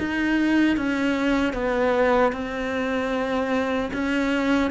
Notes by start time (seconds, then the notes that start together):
0.00 D#4
0.77 C#4
1.54 B3
2.33 C4
3.94 C#4